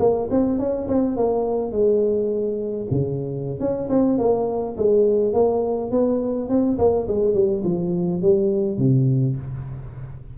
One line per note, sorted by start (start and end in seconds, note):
0.00 0.29 A#3
0.31 0.60 C4
0.60 0.88 C#4
0.89 1.17 C4
1.17 1.72 A#3
1.72 2.88 G#3
2.91 3.60 C#3
3.60 3.89 C#4
3.90 4.19 C4
4.19 4.76 A#3
4.77 5.34 G#3
5.34 5.91 A#3
5.92 6.49 B3
6.50 6.78 C4
6.78 7.07 A#3
7.08 7.35 G#3
7.35 7.64 G3
7.65 8.22 F3
8.22 8.78 G3
8.78 9.36 C3